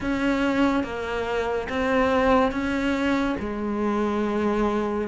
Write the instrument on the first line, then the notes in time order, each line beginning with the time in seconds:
cello
0.00 C#4
0.83 A#3
1.69 C4
2.51 C#4
3.39 G#3